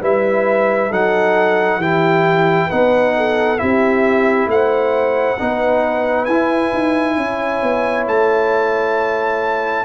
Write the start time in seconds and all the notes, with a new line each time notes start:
0.00 G3 E4 B4 E5
0.89 F#3 D#4 A4 F#5
1.77 E3 E4 G4 G5
2.67 B3 D#4 B4 F#5
3.16 A4
3.58 C4 E4 G4 E5
4.46 A3 C5 F#5
5.39 B3 D#4 B4
6.25 E4 G#5
6.73 D#4
7.17 C#4 C#5
7.62 B3
8.07 A3 A5